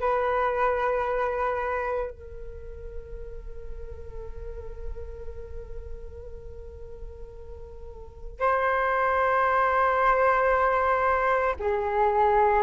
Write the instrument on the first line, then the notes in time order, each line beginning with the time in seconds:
flute
0.00 B4
2.11 A#4
8.40 C5
11.59 G#4